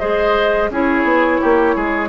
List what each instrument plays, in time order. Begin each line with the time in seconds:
0.00 bassoon G#3, clarinet G#4, oboe C5, flute D#5
0.70 bassoon C#4, clarinet E4, oboe G#4, flute C#5
1.04 bassoon B3
1.41 bassoon A#3, oboe G4
1.76 bassoon G#3, oboe G#4